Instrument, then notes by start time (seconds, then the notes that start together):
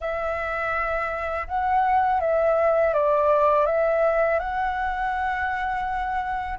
flute
0.00 E5
1.47 F#5
2.20 E5
2.93 D5
3.66 E5
4.39 F#5